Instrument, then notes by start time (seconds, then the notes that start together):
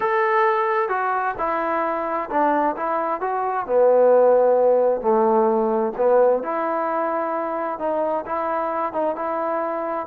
trombone
0.00 A4
0.88 F#4
1.37 E4
2.30 D4
2.76 E4
3.20 F#4
3.66 B3
5.01 A3
5.97 B3
6.42 E4
7.79 D#4
8.25 E4
8.92 D#4
9.15 E4